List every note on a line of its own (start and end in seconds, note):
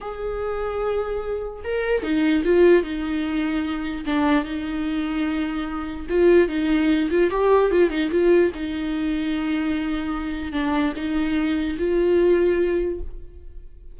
0.01 1.63 G#4
1.64 2.03 A#4
2.03 2.43 D#4
2.44 2.83 F4
2.83 4.04 D#4
4.05 4.44 D4
4.44 6.06 D#4
6.09 6.48 F4
6.48 7.09 D#4
7.10 7.30 F4
7.30 7.71 G4
7.71 7.89 F4
7.89 8.10 D#4
8.11 8.51 F4
8.54 10.52 D#4
10.52 10.93 D4
10.96 11.77 D#4
11.78 13.00 F4